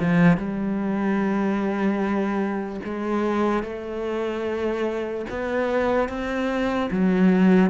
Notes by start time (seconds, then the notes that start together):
0.00 F3
0.37 G3
2.85 G#3
3.64 A3
5.30 B3
6.09 C4
6.91 F#3